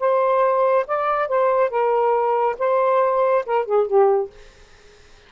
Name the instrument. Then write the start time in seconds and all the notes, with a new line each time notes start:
saxophone
0.00 C5
0.87 D5
1.29 C5
1.70 A#4
2.59 C5
3.46 A#4
3.66 G#4
3.88 G4